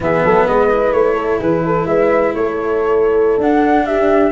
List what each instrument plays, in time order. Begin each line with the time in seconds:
0.00 tuba E3, cello B3, horn G#4, flute E5
0.24 tuba F#3, horn A4
0.45 tuba G#3, horn B4, flute D#5
0.71 cello E4
0.92 tuba A3, flute C#5
1.14 horn A4
1.39 tuba E3, horn G#4, flute B4
1.65 horn A4
1.85 tuba G#3, horn B4, flute E5
2.34 tuba A3, horn A4, flute C#5
3.37 tuba D4, cello D4, flute F#5
3.85 horn G4, flute E5